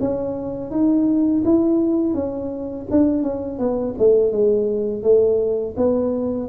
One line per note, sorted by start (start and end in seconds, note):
0.00 0.71 C#4
0.71 1.43 D#4
1.45 2.14 E4
2.14 2.86 C#4
2.91 3.23 D4
3.23 3.58 C#4
3.58 3.95 B3
3.98 4.32 A3
4.32 5.03 G#3
5.03 5.75 A3
5.77 6.49 B3